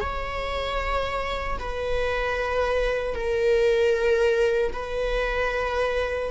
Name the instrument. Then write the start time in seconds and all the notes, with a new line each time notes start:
viola
0.00 C#5
1.58 B4
3.14 A#4
4.73 B4